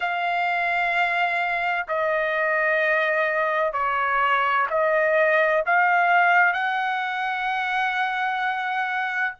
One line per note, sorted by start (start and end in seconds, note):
0.00 1.86 F5
1.87 3.72 D#5
3.72 4.66 C#5
4.70 5.63 D#5
5.65 6.53 F5
6.53 9.34 F#5